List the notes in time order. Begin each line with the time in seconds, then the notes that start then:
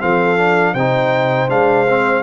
0.00 F3 C4 A4 F5
0.38 D4
0.74 C3 D#4 C5 G5
1.49 G#3 D4 F5
1.89 C4